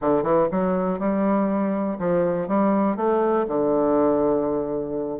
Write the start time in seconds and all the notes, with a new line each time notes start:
0.01 D3
0.23 E3
0.51 F#3
0.99 G3
1.99 F3
2.48 G3
2.96 A3
3.47 D3